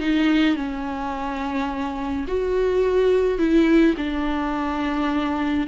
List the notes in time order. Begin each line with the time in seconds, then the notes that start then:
0.00 D#4
0.56 C#4
2.28 F#4
3.38 E4
3.98 D4